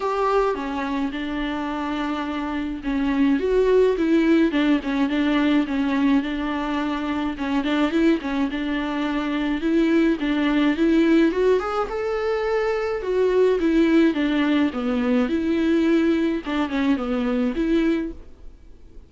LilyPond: \new Staff \with { instrumentName = "viola" } { \time 4/4 \tempo 4 = 106 g'4 cis'4 d'2~ | d'4 cis'4 fis'4 e'4 | d'8 cis'8 d'4 cis'4 d'4~ | d'4 cis'8 d'8 e'8 cis'8 d'4~ |
d'4 e'4 d'4 e'4 | fis'8 gis'8 a'2 fis'4 | e'4 d'4 b4 e'4~ | e'4 d'8 cis'8 b4 e'4 | }